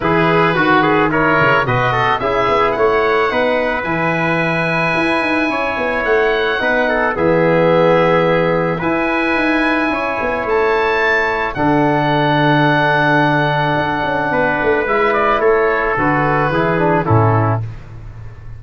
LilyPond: <<
  \new Staff \with { instrumentName = "oboe" } { \time 4/4 \tempo 4 = 109 b'2 cis''4 dis''4 | e''4 fis''2 gis''4~ | gis''2. fis''4~ | fis''4 e''2. |
gis''2. a''4~ | a''4 fis''2.~ | fis''2. e''8 d''8 | cis''4 b'2 a'4 | }
  \new Staff \with { instrumentName = "trumpet" } { \time 4/4 gis'4 fis'8 gis'8 ais'4 b'8 a'8 | gis'4 cis''4 b'2~ | b'2 cis''2 | b'8 a'8 gis'2. |
b'2 cis''2~ | cis''4 a'2.~ | a'2 b'2 | a'2 gis'4 e'4 | }
  \new Staff \with { instrumentName = "trombone" } { \time 4/4 e'4 fis'4 e'4 fis'4 | e'2 dis'4 e'4~ | e'1 | dis'4 b2. |
e'1~ | e'4 d'2.~ | d'2. e'4~ | e'4 fis'4 e'8 d'8 cis'4 | }
  \new Staff \with { instrumentName = "tuba" } { \time 4/4 e4 dis4. cis8 b,4 | cis'8 b8 a4 b4 e4~ | e4 e'8 dis'8 cis'8 b8 a4 | b4 e2. |
e'4 dis'4 cis'8 b8 a4~ | a4 d2.~ | d4 d'8 cis'8 b8 a8 gis4 | a4 d4 e4 a,4 | }
>>